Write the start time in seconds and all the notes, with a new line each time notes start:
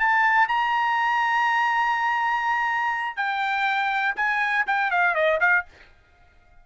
0.00 A5
0.48 A#5
3.17 G5
4.16 G#5
4.67 G5
4.91 F5
5.15 D#5
5.41 F5